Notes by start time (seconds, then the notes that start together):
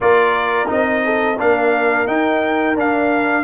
0.00 A#3 F4 A#4 D5
0.66 C4 D#4 D#5
1.04 A4
1.39 A#3 D4 A#4 F5
2.07 D#4 G5
2.75 D4 F5